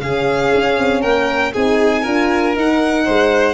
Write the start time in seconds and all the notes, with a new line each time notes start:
0.00 C#3 C#4 G#4 F5
0.54 C#4
0.78 C4
1.01 A#3 A#4 G5
1.53 C4 D#4 G#4 G#5
2.02 D4 F4 A#4
2.54 D#4 F#5
3.05 G#3 C5